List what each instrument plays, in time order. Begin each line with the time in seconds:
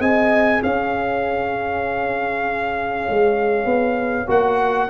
0.00 tuba C4, trombone G#4, horn D#5, trumpet G#5
0.62 tuba C#4, horn C#5, trumpet F5
3.09 tuba G#3
3.65 tuba B3
4.27 tuba A#3, trombone F#4, trumpet F#5